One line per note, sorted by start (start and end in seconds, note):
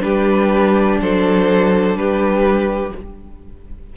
0.00 1.00 G3
0.00 2.90 D4
0.00 1.01 G4
0.00 0.99 B4
1.01 1.95 F#3
1.01 1.99 A4
1.01 1.97 C5
1.95 2.92 G3
1.95 2.96 G4
1.95 2.94 B4